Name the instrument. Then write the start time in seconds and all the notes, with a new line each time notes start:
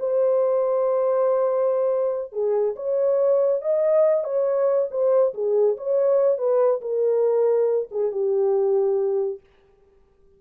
horn
0.00 C5
2.33 G#4
2.76 C#5
3.62 D#5
4.24 C#5
4.91 C5
5.34 G#4
5.77 C#5
6.38 B4
6.82 A#4
7.91 G#4
8.12 G4